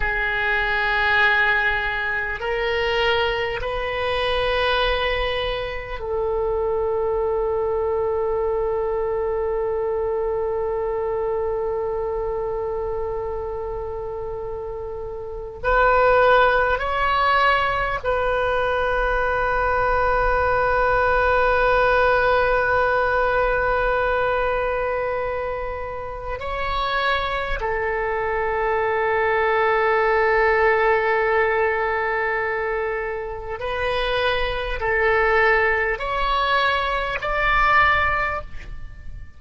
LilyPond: \new Staff \with { instrumentName = "oboe" } { \time 4/4 \tempo 4 = 50 gis'2 ais'4 b'4~ | b'4 a'2.~ | a'1~ | a'4 b'4 cis''4 b'4~ |
b'1~ | b'2 cis''4 a'4~ | a'1 | b'4 a'4 cis''4 d''4 | }